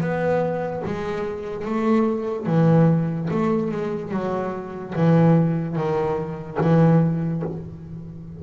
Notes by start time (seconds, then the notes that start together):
0.00 B3
0.85 G#3
1.65 A3
2.46 E3
3.30 A3
3.71 G#3
4.11 F#3
4.95 E3
5.75 D#3
6.61 E3